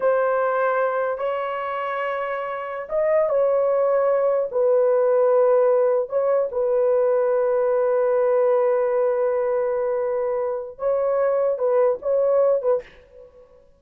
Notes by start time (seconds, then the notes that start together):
0.00 C5
1.18 C#5
2.89 D#5
3.29 C#5
4.51 B4
6.09 C#5
6.51 B4
10.78 C#5
11.58 B4
12.01 C#5
12.61 B4